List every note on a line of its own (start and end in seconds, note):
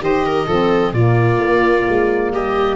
0.00 0.47 D#3
0.00 0.46 G4
0.00 0.26 C5
0.00 0.93 D#5
0.26 0.46 A#4
0.46 0.92 F3
0.46 0.95 C4
0.46 0.93 A4
0.92 1.38 A#2
0.92 2.76 A#3
0.92 2.31 F4
0.92 2.32 D5
1.39 1.85 A#3
1.89 2.32 G#3
2.32 2.76 G3
2.32 2.76 G4
2.32 2.76 D#5